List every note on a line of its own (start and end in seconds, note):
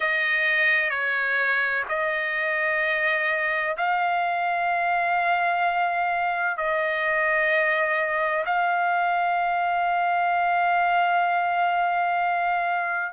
0.00 0.89 D#5
0.89 1.83 C#5
1.88 3.76 D#5
3.77 6.57 F5
6.57 8.44 D#5
8.45 13.12 F5